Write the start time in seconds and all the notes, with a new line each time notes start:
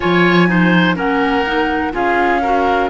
0.00 F3 F4 C#5 G#5
0.48 D#4 C5
0.95 A#3 C#4 A#4 F#5
1.46 D#4
1.92 C#4 F4 G#4 F5
2.42 F#4 A#4